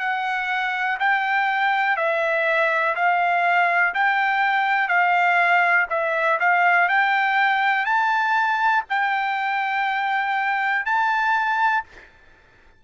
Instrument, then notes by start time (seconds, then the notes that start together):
trumpet
0.00 F#5
1.00 G5
1.97 E5
2.96 F5
3.94 G5
4.88 F5
5.90 E5
6.40 F5
6.89 G5
7.86 A5
8.90 G5
10.86 A5